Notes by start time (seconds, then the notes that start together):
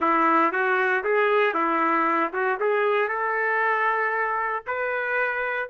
0.00 E4
0.51 F#4
1.03 G#4
1.54 E4
2.32 F#4
2.60 G#4
3.08 A4
4.67 B4